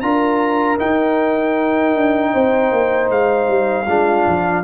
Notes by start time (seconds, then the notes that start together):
0.00 D4 F4 A#4 A#5
0.78 D#4 G5
1.95 D4
2.32 C4 C5
2.71 A#3
3.09 G#3 F5
3.47 G3
3.86 G#3 D4 F4
4.26 F3